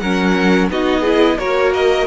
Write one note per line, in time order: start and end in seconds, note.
0.00 0.70 F#3
0.00 0.71 C#4
0.00 0.71 A#4
0.00 0.69 F#5
0.70 1.39 B3
0.70 1.05 D#4
0.70 1.01 F#4
0.70 1.39 D#5
1.01 1.39 E4
1.01 1.36 G#4
1.39 2.07 A#3
1.39 2.07 F#4
1.39 2.07 A#4
1.39 1.73 C#5
1.74 2.07 D#5